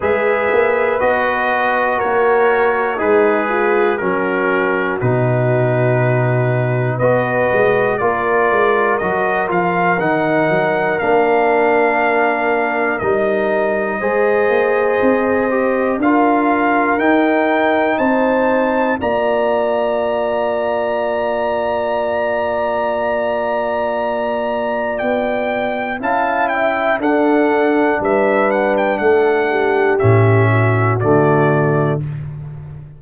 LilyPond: <<
  \new Staff \with { instrumentName = "trumpet" } { \time 4/4 \tempo 4 = 60 e''4 dis''4 cis''4 b'4 | ais'4 b'2 dis''4 | d''4 dis''8 f''8 fis''4 f''4~ | f''4 dis''2. |
f''4 g''4 a''4 ais''4~ | ais''1~ | ais''4 g''4 a''8 g''8 fis''4 | e''8 fis''16 g''16 fis''4 e''4 d''4 | }
  \new Staff \with { instrumentName = "horn" } { \time 4/4 b'2 ais'4 dis'8 f'8 | fis'2. b'4 | ais'1~ | ais'2 c''2 |
ais'2 c''4 d''4~ | d''1~ | d''2 f''8 e''8 a'4 | b'4 a'8 g'4 fis'4. | }
  \new Staff \with { instrumentName = "trombone" } { \time 4/4 gis'4 fis'2 gis'4 | cis'4 dis'2 fis'4 | f'4 fis'8 f'8 dis'4 d'4~ | d'4 dis'4 gis'4. g'8 |
f'4 dis'2 f'4~ | f'1~ | f'2 e'4 d'4~ | d'2 cis'4 a4 | }
  \new Staff \with { instrumentName = "tuba" } { \time 4/4 gis8 ais8 b4 ais4 gis4 | fis4 b,2 b8 gis8 | ais8 gis8 fis8 f8 dis8 fis8 ais4~ | ais4 g4 gis8 ais8 c'4 |
d'4 dis'4 c'4 ais4~ | ais1~ | ais4 b4 cis'4 d'4 | g4 a4 a,4 d4 | }
>>